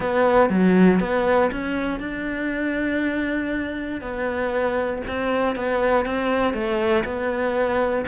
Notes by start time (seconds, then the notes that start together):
0.00 B3
0.49 F#3
1.00 B3
1.51 C#4
1.99 D4
4.01 B3
5.07 C4
5.55 B3
6.05 C4
6.53 A3
7.04 B3